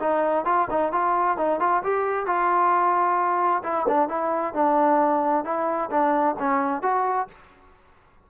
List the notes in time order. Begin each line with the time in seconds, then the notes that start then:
0.00 D#4
0.45 F4
0.71 D#4
0.93 F4
1.38 D#4
1.60 F4
1.84 G4
2.26 F4
3.64 E4
3.88 D4
4.09 E4
4.54 D4
5.45 E4
5.91 D4
6.39 C#4
6.83 F#4